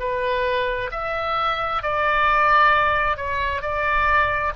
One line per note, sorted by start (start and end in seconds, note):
0.00 0.91 B4
0.92 1.83 E5
1.83 3.17 D5
3.17 3.62 C#5
3.62 4.53 D5